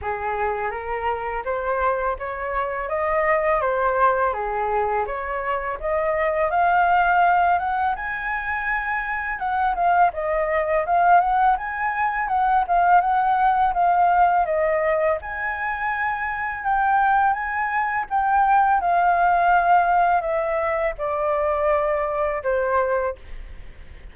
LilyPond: \new Staff \with { instrumentName = "flute" } { \time 4/4 \tempo 4 = 83 gis'4 ais'4 c''4 cis''4 | dis''4 c''4 gis'4 cis''4 | dis''4 f''4. fis''8 gis''4~ | gis''4 fis''8 f''8 dis''4 f''8 fis''8 |
gis''4 fis''8 f''8 fis''4 f''4 | dis''4 gis''2 g''4 | gis''4 g''4 f''2 | e''4 d''2 c''4 | }